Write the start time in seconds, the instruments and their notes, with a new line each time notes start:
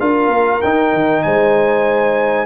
0.00 tuba D4, trombone F4, horn A#4, trumpet F5
0.28 tuba A#3
0.62 tuba D#4, trombone D#4, trumpet G5
0.94 tuba D#3
1.23 tuba G#3, horn C5, trumpet G#5